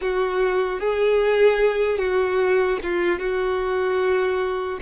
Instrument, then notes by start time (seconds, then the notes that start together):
violin
0.01 F#4
0.80 G#4
1.98 F#4
2.82 F4
3.19 F#4